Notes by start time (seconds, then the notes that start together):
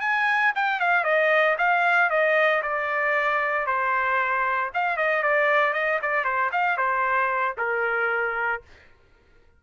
0.00 G#5
0.55 G5
0.80 F5
1.04 D#5
1.57 F5
2.10 D#5
2.62 D5
3.66 C5
4.73 F5
4.96 D#5
5.22 D5
5.73 D#5
6.02 D5
6.24 C5
6.51 F5
6.77 C5
7.57 A#4